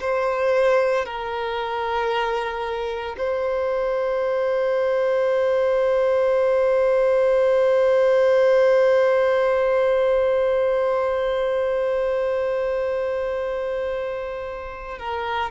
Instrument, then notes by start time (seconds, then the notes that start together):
violin
0.00 C5
1.05 A#4
3.18 C5
14.99 A#4